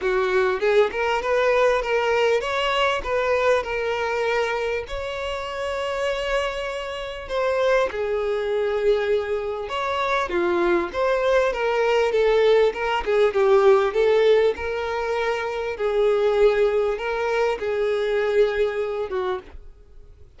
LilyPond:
\new Staff \with { instrumentName = "violin" } { \time 4/4 \tempo 4 = 99 fis'4 gis'8 ais'8 b'4 ais'4 | cis''4 b'4 ais'2 | cis''1 | c''4 gis'2. |
cis''4 f'4 c''4 ais'4 | a'4 ais'8 gis'8 g'4 a'4 | ais'2 gis'2 | ais'4 gis'2~ gis'8 fis'8 | }